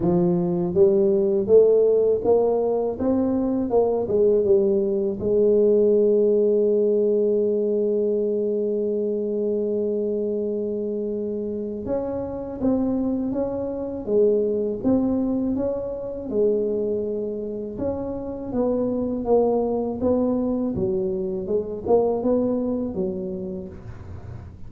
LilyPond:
\new Staff \with { instrumentName = "tuba" } { \time 4/4 \tempo 4 = 81 f4 g4 a4 ais4 | c'4 ais8 gis8 g4 gis4~ | gis1~ | gis1 |
cis'4 c'4 cis'4 gis4 | c'4 cis'4 gis2 | cis'4 b4 ais4 b4 | fis4 gis8 ais8 b4 fis4 | }